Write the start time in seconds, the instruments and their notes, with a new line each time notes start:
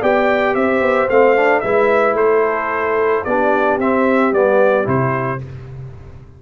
0.00 tuba B3, trombone G4, horn D5, trumpet G5
0.54 tuba C4, horn C5, trumpet E5
0.81 tuba B3
1.09 tuba A3, trombone C4, trumpet F5
1.36 trombone D4
1.60 tuba G#3, trombone E4, horn B4, trumpet E5
2.13 tuba A3, horn A4, trumpet C5
3.24 tuba B3, trombone D4, horn G4, trumpet D5
3.78 tuba C4, trombone C4, trumpet E5
4.32 tuba G3, trombone B3, trumpet D5
4.84 tuba C3, trombone E4, trumpet C5